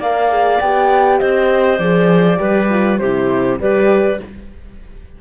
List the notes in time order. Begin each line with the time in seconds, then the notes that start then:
0.00 A#3 A#4 D5 F5
0.31 G#4
0.60 B3 G4 G5
1.20 C4 C5 D#5
1.79 F3 G#4 D5
2.37 G3 G4 B4
2.70 F4
2.98 C3 E4 G4 C5
3.60 G3 G4 B4 D5